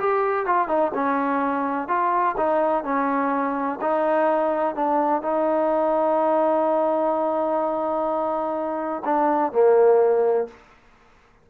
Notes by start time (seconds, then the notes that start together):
0.00 G4
0.47 F4
0.68 D#4
0.95 C#4
1.89 F4
2.38 D#4
2.84 C#4
3.82 D#4
4.76 D4
5.23 D#4
9.05 D4
9.53 A#3